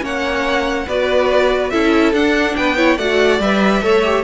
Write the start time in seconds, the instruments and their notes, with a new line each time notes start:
0.00 cello A#3, viola C#4, violin C#5 F#5
0.86 cello B3, viola F#4, violin B4 D5
1.70 cello C#4, viola E4, violin A4 E5
2.13 cello D4, viola D4, violin F#5
2.55 cello B3, violin B4 G5
2.76 viola E4, violin C#5
2.97 cello A3, viola F#4, violin D5 F#5
3.39 cello G3, viola B4, violin E5
3.82 cello A3, viola A4, violin C#5
4.03 viola G4